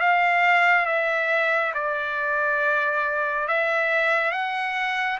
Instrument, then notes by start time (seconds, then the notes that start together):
trumpet
0.00 F5
0.86 E5
1.74 D5
3.48 E5
4.32 F#5